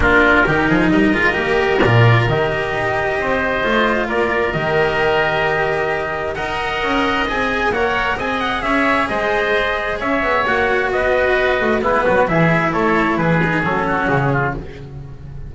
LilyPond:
<<
  \new Staff \with { instrumentName = "trumpet" } { \time 4/4 \tempo 4 = 132 ais'2 dis''2 | d''4 dis''2.~ | dis''4 d''4 dis''2~ | dis''2 fis''2 |
gis''4 fis''4 gis''8 fis''8 e''4 | dis''2 e''4 fis''4 | dis''2 b'4 e''4 | cis''4 b'4 a'4 gis'4 | }
  \new Staff \with { instrumentName = "oboe" } { \time 4/4 f'4 g'8 gis'8 ais'2~ | ais'2. c''4~ | c''4 ais'2.~ | ais'2 dis''2~ |
dis''4 cis''4 dis''4 cis''4 | c''2 cis''2 | b'2 e'8 fis'8 gis'4 | a'4 gis'4. fis'4 f'8 | }
  \new Staff \with { instrumentName = "cello" } { \time 4/4 d'4 dis'4. f'8 g'4 | f'4 g'2. | f'2 g'2~ | g'2 ais'2 |
gis'4 ais'4 gis'2~ | gis'2. fis'4~ | fis'2 b4 e'4~ | e'4. dis'8 cis'2 | }
  \new Staff \with { instrumentName = "double bass" } { \time 4/4 ais4 dis8 f8 g8 gis8 ais4 | ais,4 dis4 dis'4 c'4 | a4 ais4 dis2~ | dis2 dis'4 cis'4 |
c'4 ais4 c'4 cis'4 | gis2 cis'8 b8 ais4 | b4. a8 gis8 fis8 e4 | a4 e4 fis4 cis4 | }
>>